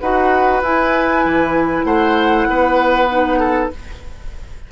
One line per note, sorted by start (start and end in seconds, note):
0.00 0.62 D#4
0.00 0.64 F#4
0.00 1.86 B4
0.00 0.62 F#5
0.62 1.24 E4
0.62 3.09 E4
0.62 1.85 G#5
1.25 1.85 E3
1.85 2.47 A3
1.85 2.48 C5
1.85 3.70 F#5
2.48 3.72 B3
2.48 3.40 B4
3.09 3.71 D#4
3.40 3.71 A4